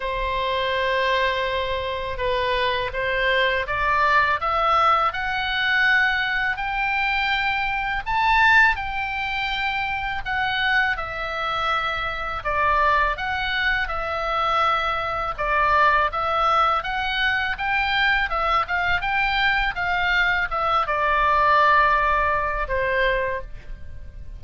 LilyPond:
\new Staff \with { instrumentName = "oboe" } { \time 4/4 \tempo 4 = 82 c''2. b'4 | c''4 d''4 e''4 fis''4~ | fis''4 g''2 a''4 | g''2 fis''4 e''4~ |
e''4 d''4 fis''4 e''4~ | e''4 d''4 e''4 fis''4 | g''4 e''8 f''8 g''4 f''4 | e''8 d''2~ d''8 c''4 | }